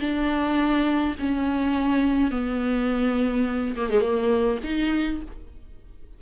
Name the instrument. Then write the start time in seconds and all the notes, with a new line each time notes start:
viola
0.00 D4
1.20 C#4
2.31 B3
3.76 A#3
3.90 G#3
4.01 A#3
4.64 D#4